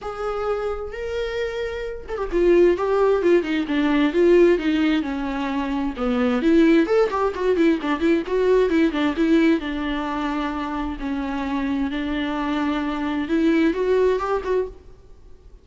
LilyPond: \new Staff \with { instrumentName = "viola" } { \time 4/4 \tempo 4 = 131 gis'2 ais'2~ | ais'8 a'16 g'16 f'4 g'4 f'8 dis'8 | d'4 f'4 dis'4 cis'4~ | cis'4 b4 e'4 a'8 g'8 |
fis'8 e'8 d'8 e'8 fis'4 e'8 d'8 | e'4 d'2. | cis'2 d'2~ | d'4 e'4 fis'4 g'8 fis'8 | }